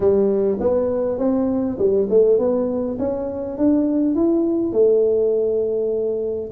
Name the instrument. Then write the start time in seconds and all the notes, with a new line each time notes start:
tuba
0.00 G3
0.60 B3
1.18 C4
1.78 G3
2.09 A3
2.38 B3
2.99 C#4
3.57 D4
4.15 E4
4.72 A3